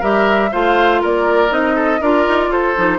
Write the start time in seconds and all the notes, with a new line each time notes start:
0.00 G3 G4 A#4 E5
0.51 A3 F4 C5 F5
1.01 A#3 A#4 D5
1.49 C4 D#4 D#5
1.75 A4
2.00 D4 F4 A#4 D5
2.28 D#4
2.48 F4 A4 C5
2.76 F3 D#4